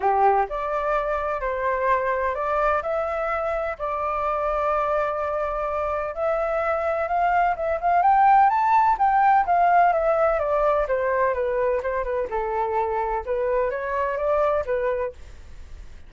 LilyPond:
\new Staff \with { instrumentName = "flute" } { \time 4/4 \tempo 4 = 127 g'4 d''2 c''4~ | c''4 d''4 e''2 | d''1~ | d''4 e''2 f''4 |
e''8 f''8 g''4 a''4 g''4 | f''4 e''4 d''4 c''4 | b'4 c''8 b'8 a'2 | b'4 cis''4 d''4 b'4 | }